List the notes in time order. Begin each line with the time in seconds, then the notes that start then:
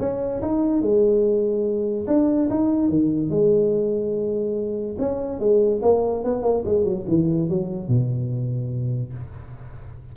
0.00 C#4
0.42 D#4
0.82 G#3
2.08 D4
2.50 D#4
2.89 D#3
3.30 G#3
4.99 C#4
5.40 G#3
5.83 A#3
6.24 B3
6.43 A#3
6.66 G#3
6.85 F#3
7.08 E3
7.49 F#3
7.88 B2